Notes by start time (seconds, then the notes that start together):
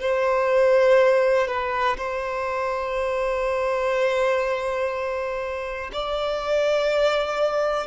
0.00 C5
1.48 B4
1.97 C5
5.92 D5